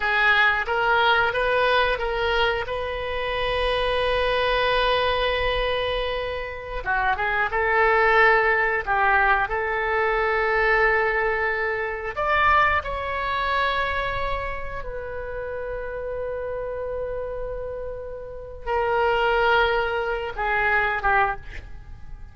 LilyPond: \new Staff \with { instrumentName = "oboe" } { \time 4/4 \tempo 4 = 90 gis'4 ais'4 b'4 ais'4 | b'1~ | b'2~ b'16 fis'8 gis'8 a'8.~ | a'4~ a'16 g'4 a'4.~ a'16~ |
a'2~ a'16 d''4 cis''8.~ | cis''2~ cis''16 b'4.~ b'16~ | b'1 | ais'2~ ais'8 gis'4 g'8 | }